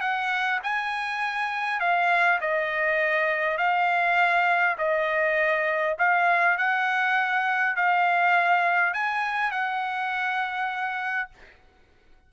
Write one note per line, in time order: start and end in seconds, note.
0.00 0.59 F#5
0.63 1.80 G#5
1.80 2.39 F5
2.40 3.57 D#5
3.57 4.76 F5
4.78 5.96 D#5
5.98 6.57 F5
6.57 7.76 F#5
7.76 8.93 F5
8.93 9.51 G#5
9.51 11.29 F#5